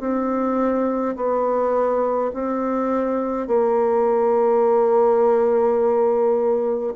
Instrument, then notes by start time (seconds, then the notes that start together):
bassoon
0.00 C4
1.16 B3
2.33 C4
3.47 A#3